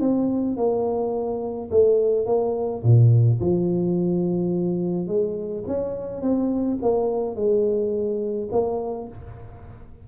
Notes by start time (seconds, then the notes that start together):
0.00 C4
0.57 A#3
1.71 A3
2.26 A#3
2.83 A#2
3.40 F3
5.07 G#3
5.67 C#4
6.21 C4
6.82 A#3
7.35 G#3
8.51 A#3